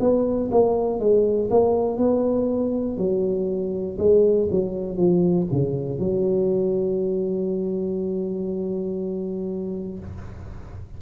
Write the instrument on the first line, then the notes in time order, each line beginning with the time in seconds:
tuba
0.00 B3
0.51 A#3
1.00 G#3
1.50 A#3
1.98 B3
2.97 F#3
3.98 G#3
4.50 F#3
4.97 F3
5.52 C#3
6.00 F#3